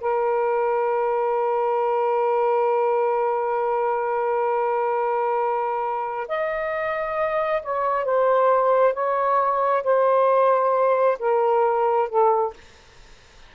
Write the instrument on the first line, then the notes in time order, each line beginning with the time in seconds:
saxophone
0.00 A#4
6.28 D#5
7.62 C#5
8.04 C5
8.93 C#5
9.83 C5
11.19 A#4
12.09 A4